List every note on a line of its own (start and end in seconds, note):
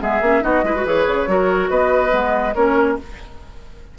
0.00 0.21 G#3
0.00 0.21 B3
0.00 0.44 G#4
0.00 0.44 E5
0.21 0.42 A#3
0.21 0.42 C#4
0.42 0.64 B3
0.42 0.63 D#4
0.42 0.65 F#4
0.42 0.86 D#5
0.64 0.85 G#3
0.64 0.75 E4
0.64 1.29 B4
0.76 0.86 F#4
0.85 1.07 E3
0.85 1.28 G#4
0.85 1.70 C#5
1.07 1.27 C#3
1.27 1.70 F#3
1.27 2.10 F#4
1.27 1.70 A#4
1.70 2.13 B3
1.70 2.55 B4
1.70 2.55 D#5
2.10 2.55 G#3
2.10 2.52 B3
2.55 2.99 A#3
2.55 2.99 C#4
2.55 2.98 A#4
2.55 2.97 C#5